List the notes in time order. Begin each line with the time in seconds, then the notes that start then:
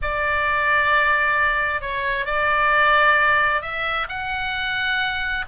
0.02 D5
1.81 C#5
2.25 D5
3.61 E5
4.08 F#5